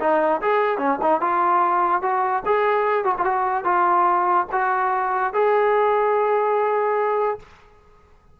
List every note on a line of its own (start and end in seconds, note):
0.00 0.41 D#4
0.41 0.78 G#4
0.78 0.98 C#4
1.01 1.21 D#4
1.21 2.02 F4
2.02 2.43 F#4
2.45 3.04 G#4
3.04 3.15 F#4
3.18 3.24 F4
3.24 3.64 F#4
3.64 4.46 F4
4.52 5.33 F#4
5.33 7.39 G#4